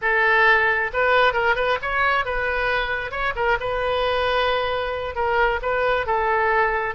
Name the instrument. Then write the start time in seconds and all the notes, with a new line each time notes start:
oboe
0.01 A4
0.93 B4
1.33 A#4
1.55 B4
1.81 C#5
2.25 B4
3.11 C#5
3.35 A#4
3.60 B4
5.15 A#4
5.62 B4
6.06 A4